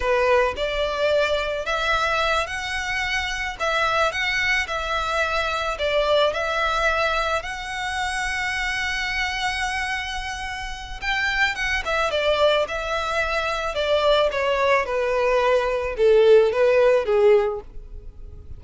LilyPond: \new Staff \with { instrumentName = "violin" } { \time 4/4 \tempo 4 = 109 b'4 d''2 e''4~ | e''8 fis''2 e''4 fis''8~ | fis''8 e''2 d''4 e''8~ | e''4. fis''2~ fis''8~ |
fis''1 | g''4 fis''8 e''8 d''4 e''4~ | e''4 d''4 cis''4 b'4~ | b'4 a'4 b'4 gis'4 | }